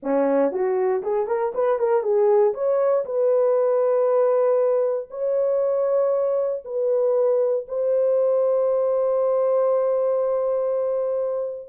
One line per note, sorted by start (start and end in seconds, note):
0.02 0.51 C#4
0.51 1.02 F#4
1.02 1.27 G#4
1.27 1.52 A#4
1.54 1.78 B4
1.78 2.02 A#4
2.02 2.53 G#4
2.54 3.04 C#5
3.05 5.08 B4
5.10 6.63 C#5
6.64 7.66 B4
7.68 11.69 C5